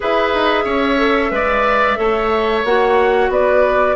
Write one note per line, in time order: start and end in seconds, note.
0.00 0.34 E4
0.00 0.97 G#4
0.00 0.64 B4
0.00 2.65 E5
0.34 0.65 D#4
0.64 1.30 C#4
0.64 1.30 C#5
0.97 1.30 A4
1.30 1.96 G#3
1.30 1.96 B4
1.30 1.98 D5
1.96 2.64 A3
1.96 2.62 A4
1.96 3.30 C#5
2.64 3.28 A#3
2.64 3.95 F#4
2.64 3.31 F#5
3.28 3.94 B3
3.28 3.95 B4
3.28 3.95 D5